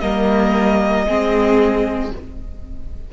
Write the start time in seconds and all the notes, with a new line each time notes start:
0.00 G3 A#3 A#4 D#5
1.06 G#3 C4 G#4